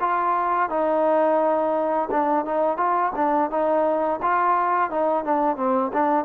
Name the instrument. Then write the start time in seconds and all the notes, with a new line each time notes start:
trombone
0.00 F4
0.70 D#4
2.11 D4
2.45 D#4
2.77 F4
3.16 D4
3.50 D#4
4.22 F4
4.91 D#4
5.25 D4
5.57 C4
5.93 D4